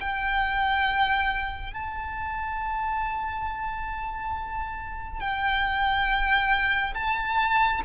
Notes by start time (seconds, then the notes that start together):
0.00 G5
1.73 A5
5.20 G5
6.94 A5